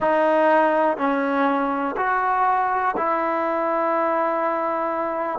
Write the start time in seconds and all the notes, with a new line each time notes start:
0.00 D#4
0.97 C#4
1.97 F#4
2.96 E4